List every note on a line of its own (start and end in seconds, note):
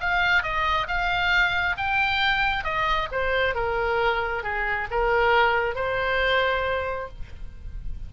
0.00 0.42 F5
0.42 0.87 D#5
0.87 1.76 F5
1.77 2.64 G5
2.64 3.08 D#5
3.11 3.54 C5
3.54 4.43 A#4
4.43 4.87 G#4
4.90 5.75 A#4
5.75 7.08 C5